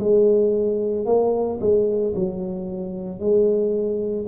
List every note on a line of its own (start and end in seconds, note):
0.00 1.06 G#3
1.06 1.59 A#3
1.61 2.14 G#3
2.16 3.20 F#3
3.20 4.27 G#3